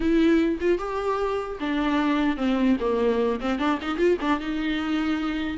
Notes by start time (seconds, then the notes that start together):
0.00 E4
0.60 F4
0.78 G4
1.59 D4
2.37 C4
2.79 A#3
3.40 C4
3.58 D4
3.81 D#4
3.97 F4
4.21 D4
4.39 D#4